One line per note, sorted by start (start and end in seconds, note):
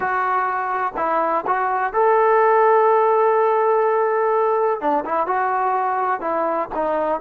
0.00 0.93 F#4
0.96 1.44 E4
1.46 1.93 F#4
1.93 4.80 A4
4.80 5.04 D4
5.05 5.26 E4
5.26 6.20 F#4
6.20 6.68 E4
6.75 7.20 D#4